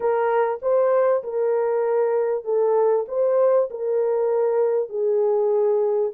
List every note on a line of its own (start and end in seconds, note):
0.00 0.59 A#4
0.62 1.23 C5
1.23 2.44 A#4
2.44 3.05 A4
3.08 3.69 C5
3.70 4.89 A#4
4.89 6.11 G#4